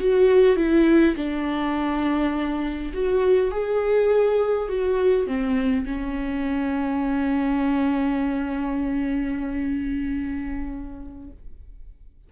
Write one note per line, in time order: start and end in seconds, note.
0.00 0.57 F#4
0.57 1.16 E4
1.16 2.93 D4
2.94 3.52 F#4
3.52 4.69 G#4
4.69 5.27 F#4
5.27 5.86 C4
5.86 11.30 C#4